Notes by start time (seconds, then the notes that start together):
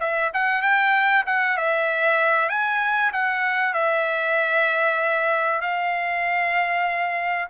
0.00 E5
0.33 F#5
0.62 G5
1.26 F#5
1.57 E5
2.49 G#5
3.13 F#5
3.74 E5
5.61 F5